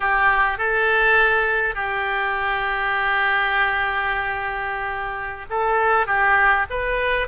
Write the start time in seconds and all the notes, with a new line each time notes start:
0.00 G4
0.58 A4
1.74 G4
5.50 A4
6.06 G4
6.70 B4